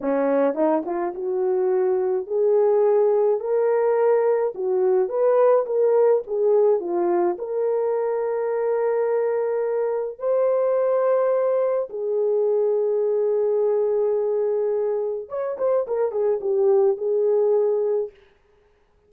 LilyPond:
\new Staff \with { instrumentName = "horn" } { \time 4/4 \tempo 4 = 106 cis'4 dis'8 f'8 fis'2 | gis'2 ais'2 | fis'4 b'4 ais'4 gis'4 | f'4 ais'2.~ |
ais'2 c''2~ | c''4 gis'2.~ | gis'2. cis''8 c''8 | ais'8 gis'8 g'4 gis'2 | }